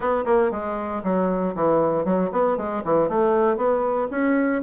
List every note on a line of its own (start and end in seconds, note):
0.00 0.24 B3
0.25 0.51 A#3
0.51 1.02 G#3
1.03 1.55 F#3
1.55 2.04 E3
2.04 2.30 F#3
2.32 2.57 B3
2.57 2.82 G#3
2.84 3.08 E3
3.08 3.56 A3
3.56 4.08 B3
4.10 4.62 C#4